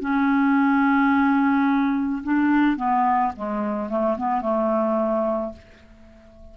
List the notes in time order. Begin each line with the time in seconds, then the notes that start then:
0.00 C#4
2.23 D4
2.76 B3
3.35 G#3
3.89 A3
4.17 B3
4.41 A3